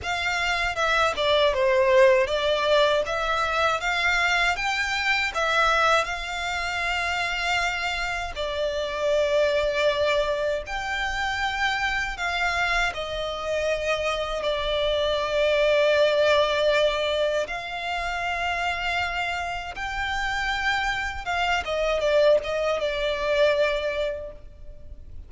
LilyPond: \new Staff \with { instrumentName = "violin" } { \time 4/4 \tempo 4 = 79 f''4 e''8 d''8 c''4 d''4 | e''4 f''4 g''4 e''4 | f''2. d''4~ | d''2 g''2 |
f''4 dis''2 d''4~ | d''2. f''4~ | f''2 g''2 | f''8 dis''8 d''8 dis''8 d''2 | }